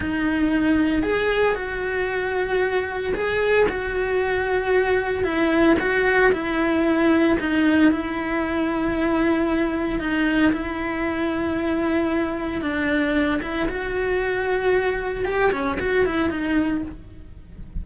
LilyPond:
\new Staff \with { instrumentName = "cello" } { \time 4/4 \tempo 4 = 114 dis'2 gis'4 fis'4~ | fis'2 gis'4 fis'4~ | fis'2 e'4 fis'4 | e'2 dis'4 e'4~ |
e'2. dis'4 | e'1 | d'4. e'8 fis'2~ | fis'4 g'8 cis'8 fis'8 e'8 dis'4 | }